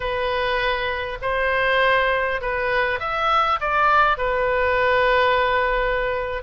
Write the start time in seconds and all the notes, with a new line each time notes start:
0.00 B4
1.21 C5
2.41 B4
2.99 E5
3.60 D5
4.17 B4